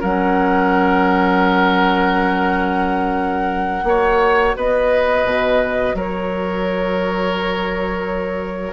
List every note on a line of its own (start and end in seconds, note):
0.00 3.84 F#3
0.00 3.85 C#4
0.00 3.84 A#4
0.00 4.56 F#5
3.84 4.53 A#3
3.84 8.72 F#4
3.84 4.56 C#5
4.56 5.24 B3
4.56 5.96 B4
4.56 5.98 D#5
5.24 5.94 B2
5.94 8.72 F#3
5.94 8.72 A#4
5.94 8.72 C#5